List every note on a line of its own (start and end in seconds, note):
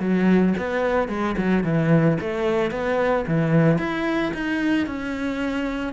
0.00 0.54 F#3
0.58 1.09 B3
1.09 1.36 G#3
1.38 1.64 F#3
1.64 2.18 E3
2.21 2.71 A3
2.71 3.25 B3
3.28 3.79 E3
3.79 4.33 E4
4.34 4.87 D#4
4.87 5.93 C#4